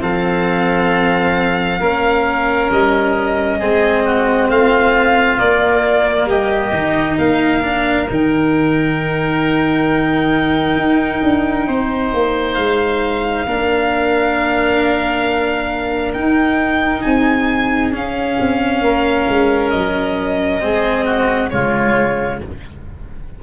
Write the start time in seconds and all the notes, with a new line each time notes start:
0.00 F3 C4 A4 F5
1.79 A#3 C#4 A#4
2.70 G3 D#5
3.58 G#3 C4 G#4
4.05 F#4
4.49 A3 F4 F5
5.38 A#3 D5
6.25 G3 G4 D#5
6.71 D#3 D#4
7.18 A#3 A#4 F5
7.62 D4
8.09 D#3 D#4 G5
10.75 D#4
11.23 D4
11.67 C4 C5
12.13 A#3
12.53 G#3 F5
13.46 A#3 D4 A#4
16.13 D#4 G5
17.02 C4 G#4 G#5
17.92 C#4 F5
18.40 C4
18.81 A#3 A#4
19.28 G#3
19.70 F#3 D#5
20.60 G#3 C4 G#4
21.05 F#4
21.50 C#3 G#3 F4 C#5